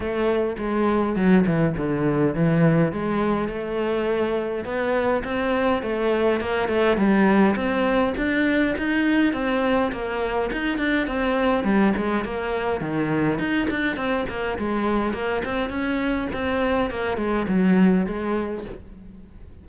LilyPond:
\new Staff \with { instrumentName = "cello" } { \time 4/4 \tempo 4 = 103 a4 gis4 fis8 e8 d4 | e4 gis4 a2 | b4 c'4 a4 ais8 a8 | g4 c'4 d'4 dis'4 |
c'4 ais4 dis'8 d'8 c'4 | g8 gis8 ais4 dis4 dis'8 d'8 | c'8 ais8 gis4 ais8 c'8 cis'4 | c'4 ais8 gis8 fis4 gis4 | }